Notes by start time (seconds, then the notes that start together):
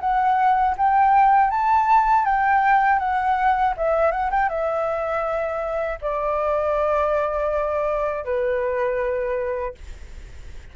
0.00 F#5
0.77 G5
1.50 A5
2.25 G5
2.99 F#5
3.77 E5
4.11 F#5
4.30 G5
4.49 E5
6.01 D5
8.24 B4